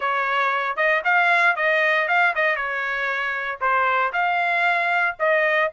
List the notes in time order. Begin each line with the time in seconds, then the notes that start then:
0.00 C#5
0.76 D#5
1.04 F5
1.56 D#5
2.08 F5
2.35 D#5
2.56 C#5
3.60 C5
4.12 F5
5.19 D#5